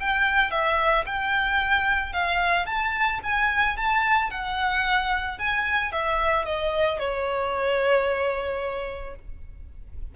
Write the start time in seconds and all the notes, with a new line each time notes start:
0.00 G5
0.51 E5
1.06 G5
2.13 F5
2.66 A5
3.23 G#5
3.77 A5
4.31 F#5
5.39 G#5
5.92 E5
6.45 D#5
6.99 C#5